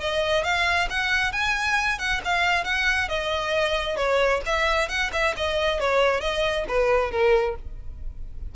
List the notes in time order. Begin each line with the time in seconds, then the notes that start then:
0.00 D#5
0.44 F5
0.89 F#5
1.32 G#5
1.99 F#5
2.24 F5
2.64 F#5
3.08 D#5
3.96 C#5
4.45 E5
4.88 F#5
5.12 E5
5.36 D#5
5.80 C#5
6.21 D#5
6.68 B4
7.11 A#4